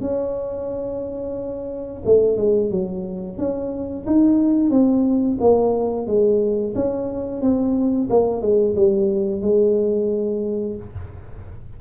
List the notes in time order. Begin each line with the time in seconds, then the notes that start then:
0.00 C#4
2.05 A3
2.37 G#3
2.70 F#3
3.38 C#4
4.06 D#4
4.70 C4
5.40 A#3
6.06 G#3
6.75 C#4
7.41 C4
8.09 A#3
8.41 G#3
8.75 G3
9.41 G#3